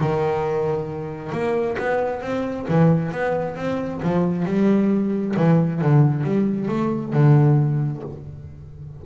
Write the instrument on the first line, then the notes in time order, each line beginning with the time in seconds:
double bass
0.00 D#3
1.32 A#3
1.78 B3
2.21 C4
2.68 E3
3.12 B3
3.56 C4
4.02 F3
4.46 G3
5.36 E3
5.81 D3
6.24 G3
6.68 A3
7.13 D3